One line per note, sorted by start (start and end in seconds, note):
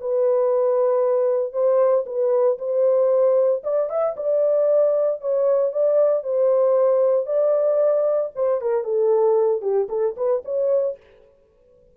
0.00 1.52 B4
1.52 2.04 C5
2.05 2.58 B4
2.58 3.62 C5
3.63 3.89 D5
3.89 4.15 E5
4.16 5.20 D5
5.21 5.72 C#5
5.72 6.23 D5
6.23 7.26 C5
7.26 8.30 D5
8.35 8.61 C5
8.61 8.84 A#4
8.84 9.61 A4
9.61 9.87 G4
9.88 10.15 A4
10.16 10.42 B4
10.44 10.96 C#5